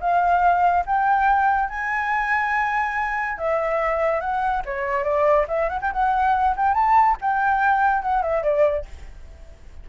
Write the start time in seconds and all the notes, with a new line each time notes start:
0.00 F5
0.86 G5
1.69 G#5
3.38 E5
4.20 F#5
4.65 C#5
5.03 D5
5.48 E5
5.69 F#5
5.81 G5
5.92 F#5
6.56 G5
6.74 A5
7.21 G5
8.02 F#5
8.22 E5
8.43 D5